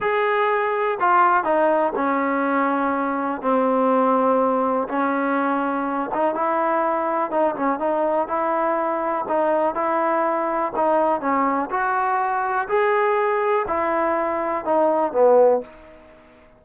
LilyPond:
\new Staff \with { instrumentName = "trombone" } { \time 4/4 \tempo 4 = 123 gis'2 f'4 dis'4 | cis'2. c'4~ | c'2 cis'2~ | cis'8 dis'8 e'2 dis'8 cis'8 |
dis'4 e'2 dis'4 | e'2 dis'4 cis'4 | fis'2 gis'2 | e'2 dis'4 b4 | }